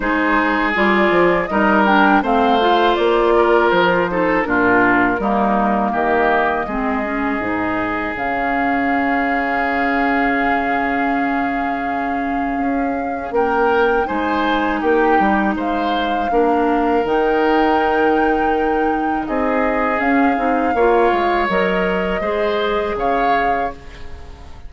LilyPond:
<<
  \new Staff \with { instrumentName = "flute" } { \time 4/4 \tempo 4 = 81 c''4 d''4 dis''8 g''8 f''4 | d''4 c''4 ais'2 | dis''2. f''4~ | f''1~ |
f''2 g''4 gis''4 | g''4 f''2 g''4~ | g''2 dis''4 f''4~ | f''4 dis''2 f''4 | }
  \new Staff \with { instrumentName = "oboe" } { \time 4/4 gis'2 ais'4 c''4~ | c''8 ais'4 a'8 f'4 dis'4 | g'4 gis'2.~ | gis'1~ |
gis'2 ais'4 c''4 | g'4 c''4 ais'2~ | ais'2 gis'2 | cis''2 c''4 cis''4 | }
  \new Staff \with { instrumentName = "clarinet" } { \time 4/4 dis'4 f'4 dis'8 d'8 c'8 f'8~ | f'4. dis'8 d'4 ais4~ | ais4 c'8 cis'8 dis'4 cis'4~ | cis'1~ |
cis'2. dis'4~ | dis'2 d'4 dis'4~ | dis'2. cis'8 dis'8 | f'4 ais'4 gis'2 | }
  \new Staff \with { instrumentName = "bassoon" } { \time 4/4 gis4 g8 f8 g4 a4 | ais4 f4 ais,4 g4 | dis4 gis4 gis,4 cis4~ | cis1~ |
cis4 cis'4 ais4 gis4 | ais8 g8 gis4 ais4 dis4~ | dis2 c'4 cis'8 c'8 | ais8 gis8 fis4 gis4 cis4 | }
>>